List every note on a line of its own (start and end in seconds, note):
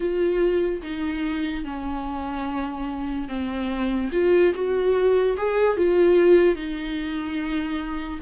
0.00 0.81 F4
0.82 1.64 D#4
1.64 3.28 C#4
3.28 4.10 C4
4.12 4.53 F4
4.54 5.36 F#4
5.36 5.77 G#4
5.77 6.55 F4
6.55 8.19 D#4